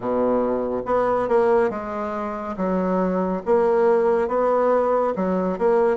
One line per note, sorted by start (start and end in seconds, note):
0.00 0.82 B2
0.85 1.28 B3
1.28 1.69 A#3
1.69 2.55 G#3
2.56 3.42 F#3
3.45 4.27 A#3
4.27 5.13 B3
5.15 5.58 F#3
5.58 5.96 A#3